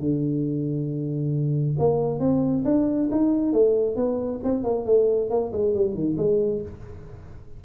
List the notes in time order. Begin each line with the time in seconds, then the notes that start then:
0.00 D3
1.79 A#3
2.20 C4
2.65 D4
3.12 D#4
3.53 A3
3.96 B3
4.44 C4
4.64 A#3
4.86 A3
5.30 A#3
5.53 G#3
5.75 G3
5.95 D#3
6.18 G#3